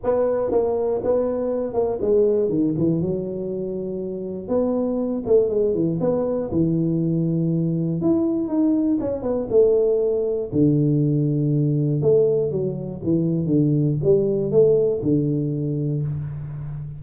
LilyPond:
\new Staff \with { instrumentName = "tuba" } { \time 4/4 \tempo 4 = 120 b4 ais4 b4. ais8 | gis4 dis8 e8 fis2~ | fis4 b4. a8 gis8 e8 | b4 e2. |
e'4 dis'4 cis'8 b8 a4~ | a4 d2. | a4 fis4 e4 d4 | g4 a4 d2 | }